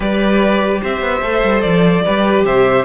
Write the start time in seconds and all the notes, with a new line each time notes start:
0.00 G3 G4 B4 D5
0.80 C4 C5 E5
1.01 B3
1.21 A3 A4
1.43 G3
1.61 F3 D5
2.05 G3 G4 B4
2.44 C3 C5 E5